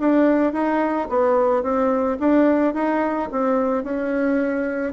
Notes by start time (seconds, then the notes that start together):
0.00 D4
0.53 D#4
1.10 B3
1.63 C4
2.20 D4
2.74 D#4
3.32 C4
3.84 C#4